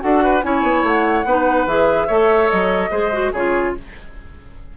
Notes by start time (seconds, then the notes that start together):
0.00 D4 F#4 A4 F#5
0.24 B4
0.42 C#4 E4 C#5 G#5
0.63 B3
0.83 A3 F#5
1.25 B3 D#4 B4
1.66 E3 G#4 E5
2.07 A3 A4 C#5
2.49 F#3 D#5
2.91 G#3 G#4 C5
3.12 F#4
3.33 C#3 F4 G#4 C#5